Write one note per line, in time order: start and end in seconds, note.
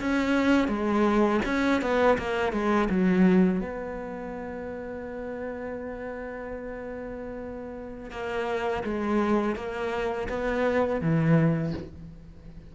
0.00 0.68 C#4
0.68 1.40 G#3
1.45 1.81 C#4
1.81 2.18 B3
2.18 2.52 A#3
2.52 2.88 G#3
2.89 3.60 F#3
3.60 8.11 B3
8.11 8.83 A#3
8.84 9.56 G#3
9.56 10.28 A#3
10.29 11.01 B3
11.01 11.73 E3